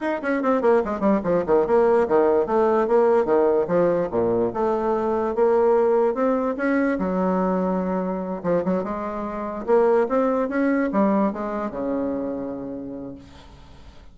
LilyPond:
\new Staff \with { instrumentName = "bassoon" } { \time 4/4 \tempo 4 = 146 dis'8 cis'8 c'8 ais8 gis8 g8 f8 dis8 | ais4 dis4 a4 ais4 | dis4 f4 ais,4 a4~ | a4 ais2 c'4 |
cis'4 fis2.~ | fis8 f8 fis8 gis2 ais8~ | ais8 c'4 cis'4 g4 gis8~ | gis8 cis2.~ cis8 | }